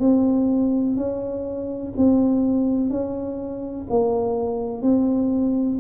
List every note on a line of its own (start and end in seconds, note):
0.00 0.97 C4
0.97 1.94 C#4
1.97 2.90 C4
2.90 3.87 C#4
3.90 4.83 A#3
4.83 5.79 C4